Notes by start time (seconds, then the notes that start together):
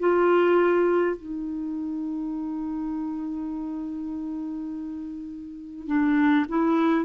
0.00 F4
1.17 D#4
5.88 D4
6.49 E4